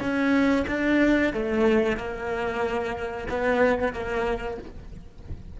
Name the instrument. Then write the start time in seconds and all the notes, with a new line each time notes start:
cello
0.00 C#4
0.67 D4
1.33 A3
1.97 A#3
3.28 B3
3.92 A#3